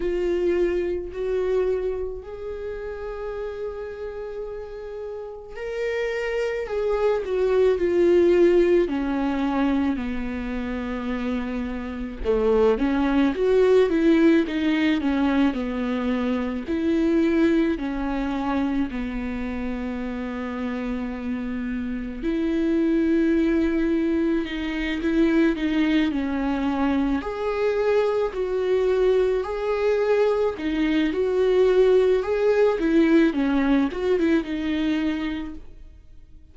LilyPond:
\new Staff \with { instrumentName = "viola" } { \time 4/4 \tempo 4 = 54 f'4 fis'4 gis'2~ | gis'4 ais'4 gis'8 fis'8 f'4 | cis'4 b2 a8 cis'8 | fis'8 e'8 dis'8 cis'8 b4 e'4 |
cis'4 b2. | e'2 dis'8 e'8 dis'8 cis'8~ | cis'8 gis'4 fis'4 gis'4 dis'8 | fis'4 gis'8 e'8 cis'8 fis'16 e'16 dis'4 | }